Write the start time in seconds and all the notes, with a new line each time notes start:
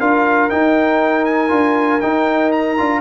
0.00 D4 F4 A#4 F5
0.50 D#4 G5
1.25 G#5
1.49 D4 F4
2.01 D#4 G5
2.52 A#5
2.78 D4 F4